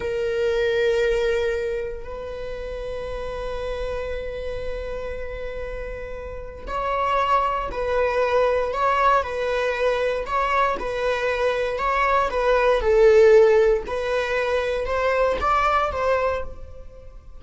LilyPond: \new Staff \with { instrumentName = "viola" } { \time 4/4 \tempo 4 = 117 ais'1 | b'1~ | b'1~ | b'4 cis''2 b'4~ |
b'4 cis''4 b'2 | cis''4 b'2 cis''4 | b'4 a'2 b'4~ | b'4 c''4 d''4 c''4 | }